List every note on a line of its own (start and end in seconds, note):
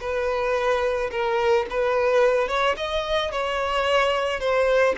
0.00 1.10 B4
1.11 1.66 A#4
1.70 2.48 B4
2.48 2.75 C#5
2.76 3.31 D#5
3.31 4.40 C#5
4.40 4.95 C5